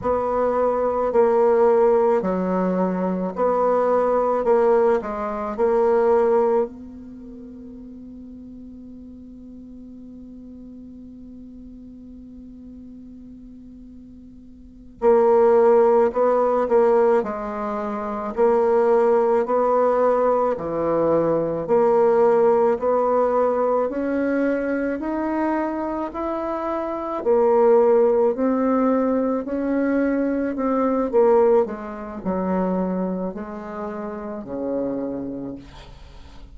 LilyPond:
\new Staff \with { instrumentName = "bassoon" } { \time 4/4 \tempo 4 = 54 b4 ais4 fis4 b4 | ais8 gis8 ais4 b2~ | b1~ | b4. ais4 b8 ais8 gis8~ |
gis8 ais4 b4 e4 ais8~ | ais8 b4 cis'4 dis'4 e'8~ | e'8 ais4 c'4 cis'4 c'8 | ais8 gis8 fis4 gis4 cis4 | }